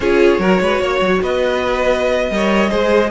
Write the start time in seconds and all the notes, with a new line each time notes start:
0.00 C#4 F4 G#4 C#5
0.39 F#3 F#4 A#4
0.60 G#3 B4
0.79 A#3 C#5
1.00 F#3
1.21 B3 B4 D#5
2.30 G3 A#4 C#5
2.69 G#3 G#4 C5